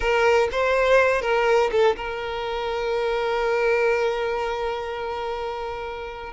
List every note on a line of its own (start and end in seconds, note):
0.00 0.49 A#4
0.51 1.21 C5
1.21 1.70 A#4
1.71 1.96 A4
1.96 6.33 A#4